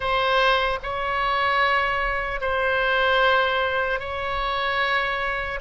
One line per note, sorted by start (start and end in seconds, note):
0.00 0.79 C5
0.82 2.40 C#5
2.40 3.99 C5
3.99 5.59 C#5